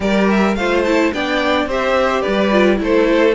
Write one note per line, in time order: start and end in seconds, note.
0.00 0.55 G3
0.00 0.56 G4
0.00 0.57 A#4
0.00 0.28 D5
0.30 0.55 E5
0.55 1.11 A3
0.55 0.86 F4
0.55 1.13 C5
0.55 0.83 F5
0.84 1.13 E4
0.84 1.12 A5
1.12 1.65 B3
1.12 1.69 D4
1.12 1.68 D5
1.12 1.68 G5
1.65 2.21 C4
1.65 2.51 G4
1.65 2.21 C5
1.65 2.21 E5
2.21 2.80 G3
2.21 2.77 B4
2.21 2.77 D5
2.51 2.76 F4
2.76 3.34 A3
2.76 3.32 E4
2.83 3.34 A4
2.83 3.34 C5